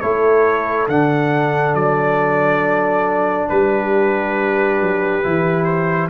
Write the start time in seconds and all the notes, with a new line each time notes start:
0.00 A3 E4 A4 C#5
0.88 D3 D4 F#5
1.75 F#3 D5
3.49 G3 G4 B4
4.81 F#3
5.23 E3 E4
5.64 C5